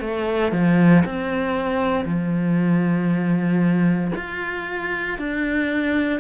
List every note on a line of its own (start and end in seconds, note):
0.00 0.52 A3
0.52 1.03 F3
1.05 2.05 C4
2.05 4.11 F3
4.16 5.18 F4
5.18 6.20 D4